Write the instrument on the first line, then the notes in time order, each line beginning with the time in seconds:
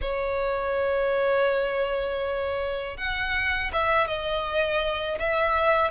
violin
0.01 C#5
2.97 F#5
3.72 E5
4.07 D#5
5.19 E5